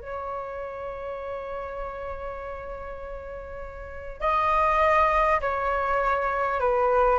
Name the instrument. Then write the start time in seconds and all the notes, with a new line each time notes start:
flute
0.00 C#5
4.20 D#5
5.40 C#5
6.60 B4